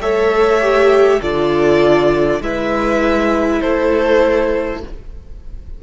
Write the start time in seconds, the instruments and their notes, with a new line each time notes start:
0.00 cello A3, viola A4, violin C#5 E5
0.60 viola G4
1.20 cello D3, viola F4, violin A4 D5
2.41 cello G#3, viola E4, violin B4 E5
3.61 cello A3, violin A4 C5